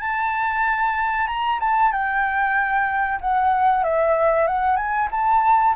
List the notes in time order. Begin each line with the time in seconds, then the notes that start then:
0.00 A5
1.27 A#5
1.60 A5
1.92 G5
3.21 F#5
3.84 E5
4.47 F#5
4.76 G#5
5.11 A5